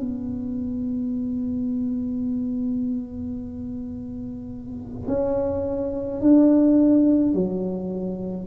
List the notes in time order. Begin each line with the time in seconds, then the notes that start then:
0.00 B3
5.08 C#4
6.21 D4
7.34 F#3